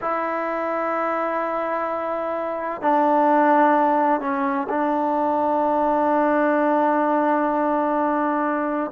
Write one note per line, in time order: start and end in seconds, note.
0.01 2.81 E4
2.81 4.20 D4
4.20 4.67 C#4
4.69 8.91 D4